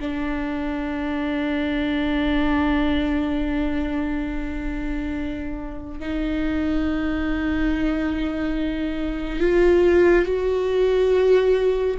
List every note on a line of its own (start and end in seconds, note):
0.00 6.00 D4
6.00 9.40 D#4
9.40 10.26 F4
10.26 11.97 F#4